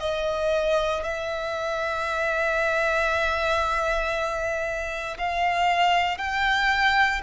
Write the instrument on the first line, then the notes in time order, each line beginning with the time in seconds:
violin
0.00 D#5
1.03 E5
5.18 F5
6.18 G5